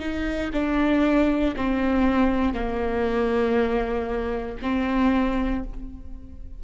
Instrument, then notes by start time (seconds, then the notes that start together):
viola
0.00 D#4
0.54 D4
1.57 C4
2.54 A#3
4.62 C4